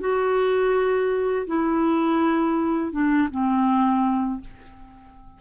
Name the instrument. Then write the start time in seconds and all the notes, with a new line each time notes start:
clarinet
0.00 F#4
1.47 E4
2.92 D4
3.31 C4